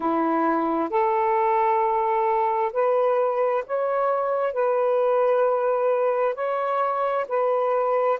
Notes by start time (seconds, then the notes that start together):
0.00 E4
0.90 A4
2.73 B4
3.66 C#5
4.53 B4
6.34 C#5
7.28 B4